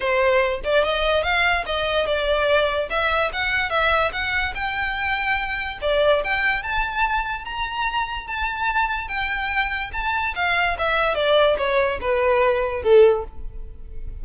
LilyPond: \new Staff \with { instrumentName = "violin" } { \time 4/4 \tempo 4 = 145 c''4. d''8 dis''4 f''4 | dis''4 d''2 e''4 | fis''4 e''4 fis''4 g''4~ | g''2 d''4 g''4 |
a''2 ais''2 | a''2 g''2 | a''4 f''4 e''4 d''4 | cis''4 b'2 a'4 | }